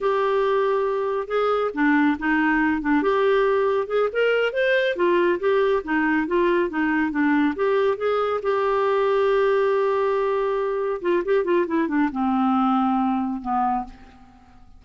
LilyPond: \new Staff \with { instrumentName = "clarinet" } { \time 4/4 \tempo 4 = 139 g'2. gis'4 | d'4 dis'4. d'8 g'4~ | g'4 gis'8 ais'4 c''4 f'8~ | f'8 g'4 dis'4 f'4 dis'8~ |
dis'8 d'4 g'4 gis'4 g'8~ | g'1~ | g'4. f'8 g'8 f'8 e'8 d'8 | c'2. b4 | }